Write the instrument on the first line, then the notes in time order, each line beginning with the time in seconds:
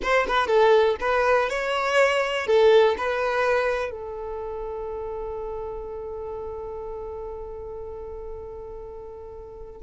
violin
0.02 C5
0.27 B4
0.47 A4
1.00 B4
1.49 C#5
2.46 A4
2.97 B4
3.91 A4